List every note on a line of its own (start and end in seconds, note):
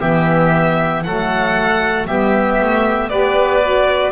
0.00 1.06 E3
0.00 1.03 B3
0.00 1.04 G4
0.00 1.04 E5
1.04 2.09 F#3
1.04 2.08 A3
1.04 2.08 A4
1.04 2.07 F#5
2.07 2.61 G3
2.07 3.11 B3
2.07 3.10 G4
2.07 3.10 E5
2.62 3.11 A3
3.10 4.13 B3
3.10 3.62 G4
3.10 4.13 B4
3.10 4.13 D5
3.63 4.13 F#4